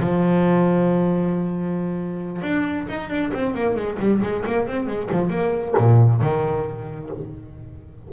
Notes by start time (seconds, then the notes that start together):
0.00 F3
2.42 D4
2.89 D#4
3.09 D4
3.33 C4
3.55 A#3
3.76 G#3
3.99 G3
4.22 G#3
4.46 A#3
4.67 C4
4.87 G#3
5.12 F3
5.30 A#3
5.78 A#2
6.21 D#3